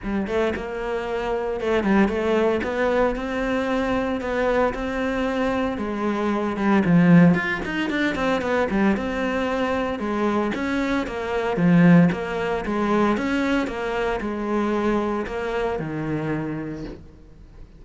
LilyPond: \new Staff \with { instrumentName = "cello" } { \time 4/4 \tempo 4 = 114 g8 a8 ais2 a8 g8 | a4 b4 c'2 | b4 c'2 gis4~ | gis8 g8 f4 f'8 dis'8 d'8 c'8 |
b8 g8 c'2 gis4 | cis'4 ais4 f4 ais4 | gis4 cis'4 ais4 gis4~ | gis4 ais4 dis2 | }